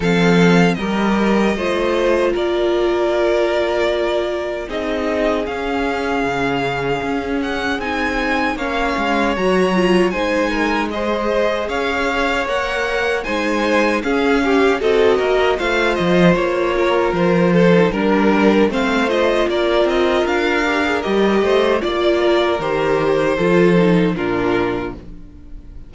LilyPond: <<
  \new Staff \with { instrumentName = "violin" } { \time 4/4 \tempo 4 = 77 f''4 dis''2 d''4~ | d''2 dis''4 f''4~ | f''4. fis''8 gis''4 f''4 | ais''4 gis''4 dis''4 f''4 |
fis''4 gis''4 f''4 dis''4 | f''8 dis''8 cis''4 c''4 ais'4 | f''8 dis''8 d''8 dis''8 f''4 dis''4 | d''4 c''2 ais'4 | }
  \new Staff \with { instrumentName = "violin" } { \time 4/4 a'4 ais'4 c''4 ais'4~ | ais'2 gis'2~ | gis'2. cis''4~ | cis''4 c''8 ais'8 c''4 cis''4~ |
cis''4 c''4 gis'8 g'8 a'8 ais'8 | c''4. ais'4 a'8 ais'4 | c''4 ais'2~ ais'8 c''8 | d''8 ais'4. a'4 f'4 | }
  \new Staff \with { instrumentName = "viola" } { \time 4/4 c'4 g'4 f'2~ | f'2 dis'4 cis'4~ | cis'2 dis'4 cis'4 | fis'8 f'8 dis'4 gis'2 |
ais'4 dis'4 cis'4 fis'4 | f'2~ f'8. dis'16 d'4 | c'8 f'2 g'16 gis'16 g'4 | f'4 g'4 f'8 dis'8 d'4 | }
  \new Staff \with { instrumentName = "cello" } { \time 4/4 f4 g4 a4 ais4~ | ais2 c'4 cis'4 | cis4 cis'4 c'4 ais8 gis8 | fis4 gis2 cis'4 |
ais4 gis4 cis'4 c'8 ais8 | a8 f8 ais4 f4 g4 | a4 ais8 c'8 d'4 g8 a8 | ais4 dis4 f4 ais,4 | }
>>